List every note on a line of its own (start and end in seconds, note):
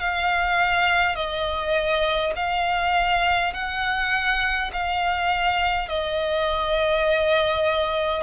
0.00 1.16 F5
1.16 2.33 D#5
2.36 3.53 F5
3.53 4.71 F#5
4.73 5.89 F5
5.89 8.23 D#5